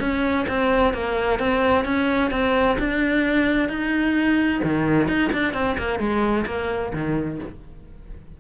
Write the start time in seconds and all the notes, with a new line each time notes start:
0.00 C#4
0.48 C4
0.94 A#3
1.39 C4
1.85 C#4
2.31 C4
2.79 D4
3.69 D#4
4.64 D#3
5.08 D#4
5.33 D4
5.54 C4
5.78 A#3
5.99 G#3
6.46 A#3
6.93 D#3